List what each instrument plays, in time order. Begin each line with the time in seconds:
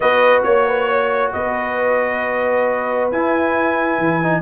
0.00 tuba B3, trombone F#4, horn B4, trumpet D#5
0.43 tuba A#3, trumpet C#5, horn C#5
0.67 horn B4
0.87 horn C#5
1.32 tuba B3, horn B4, trumpet D#5
3.11 tuba E4, trombone E4, trumpet G#5
3.98 tuba E3
4.22 trombone D#4